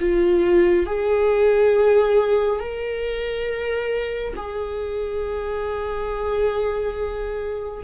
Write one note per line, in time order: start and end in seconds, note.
0.00 0.87 F4
0.87 2.60 G#4
2.60 4.34 A#4
4.37 7.84 G#4